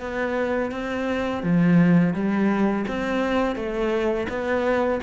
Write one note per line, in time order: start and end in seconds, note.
0.00 0.71 B3
0.71 1.43 C4
1.43 2.14 F3
2.14 2.85 G3
2.88 3.56 C4
3.56 4.27 A3
4.29 5.00 B3